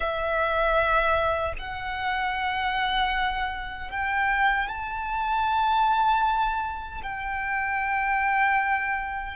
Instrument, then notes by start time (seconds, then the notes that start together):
violin
0.00 E5
1.58 F#5
3.90 G5
4.68 A5
7.02 G5